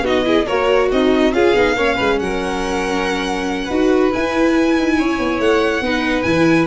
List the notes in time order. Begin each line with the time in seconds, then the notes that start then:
0.00 B3 D#4 F#4 D#5
0.24 E4 G#4
0.46 A#3 F#4 A#4 C#5
0.92 C4 D#4 D#5
1.32 C#4 F4 G#4 F5
1.54 B3 D#4
1.75 A#3 C#4 C#5
1.95 G#3 B4
2.19 F#3 A#4 F#5
3.64 D#4 B4
3.72 F#4
4.11 E4 G#5
4.78 D#4
4.98 C#4 C#5
5.19 B3
5.40 A3 F#5
5.81 B3 D#4 B4
6.22 E3 E4 G#5